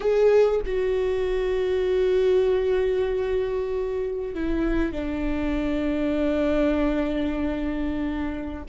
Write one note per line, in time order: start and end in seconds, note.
0.00 0.60 G#4
0.65 4.34 F#4
4.34 4.92 E4
4.92 8.63 D4